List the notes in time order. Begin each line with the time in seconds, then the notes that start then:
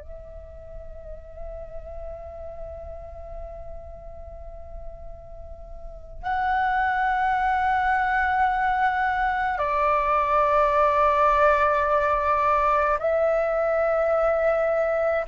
0.00 E5
6.22 F#5
9.58 D5
12.99 E5